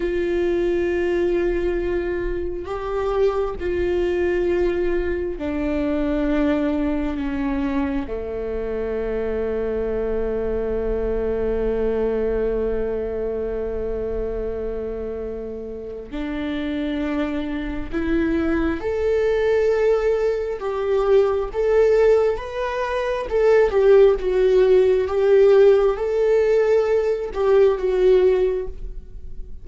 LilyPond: \new Staff \with { instrumentName = "viola" } { \time 4/4 \tempo 4 = 67 f'2. g'4 | f'2 d'2 | cis'4 a2.~ | a1~ |
a2 d'2 | e'4 a'2 g'4 | a'4 b'4 a'8 g'8 fis'4 | g'4 a'4. g'8 fis'4 | }